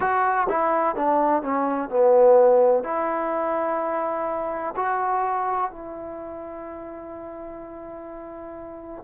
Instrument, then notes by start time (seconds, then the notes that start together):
trombone
0.00 F#4
0.49 E4
0.95 D4
1.42 C#4
1.89 B3
2.83 E4
4.76 F#4
5.70 E4